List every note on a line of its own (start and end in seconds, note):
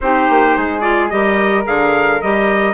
0.01 0.28 C4
0.01 0.81 D#4
0.01 0.57 G4
0.01 0.80 C5
0.29 0.56 A#3
0.57 1.11 G#3
0.57 1.12 G#4
0.80 1.08 F4
0.80 1.08 D5
1.09 1.66 G3
1.09 1.63 G4
1.09 2.74 A#4
1.09 1.64 D#5
1.63 2.22 D3
1.63 2.18 G#4
1.63 2.21 F5
2.21 2.74 G3
2.21 2.74 G4
2.21 2.74 D#5